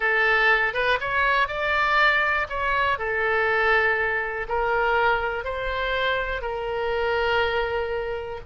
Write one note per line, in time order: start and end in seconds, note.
0.00 0.73 A4
0.73 0.98 B4
1.00 1.48 C#5
1.48 2.47 D5
2.49 2.98 C#5
2.98 4.47 A4
4.48 5.44 A#4
5.44 6.41 C5
6.41 8.40 A#4